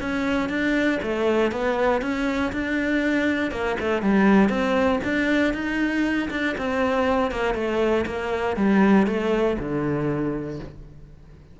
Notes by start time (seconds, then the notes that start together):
0.00 C#4
0.49 D4
1.02 A3
1.51 B3
2.01 C#4
2.52 D4
3.51 A#3
3.80 A3
4.02 G3
4.49 C4
5.04 D4
5.53 D#4
6.30 D4
6.57 C4
7.31 A#3
7.54 A3
8.06 A#3
8.56 G3
9.06 A3
9.58 D3